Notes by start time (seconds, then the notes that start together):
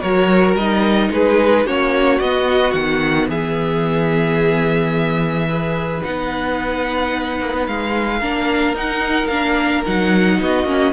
0.00 F#3 F#4 A#4 C#5
0.54 G3 D#4 D#5
1.10 G#3 G#4 B4
1.65 A#3 C#4 F#4 C#5
2.18 B3 D#5
2.72 D#3 F#5
3.29 E3 G#4 E5
5.48 G#4 B4
6.01 B3 D#4 F#5
7.40 A#3
7.53 B3
7.66 G#3 F5
8.19 A#3 D4 A#4
8.74 D#4 F#5
9.27 A#3 D4 F5
9.85 F#3 D#4 F#5
10.40 B3 F#4 D#5
10.64 A#3 C#4